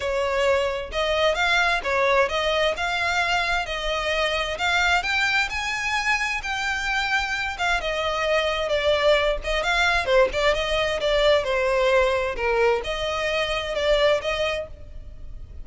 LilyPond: \new Staff \with { instrumentName = "violin" } { \time 4/4 \tempo 4 = 131 cis''2 dis''4 f''4 | cis''4 dis''4 f''2 | dis''2 f''4 g''4 | gis''2 g''2~ |
g''8 f''8 dis''2 d''4~ | d''8 dis''8 f''4 c''8 d''8 dis''4 | d''4 c''2 ais'4 | dis''2 d''4 dis''4 | }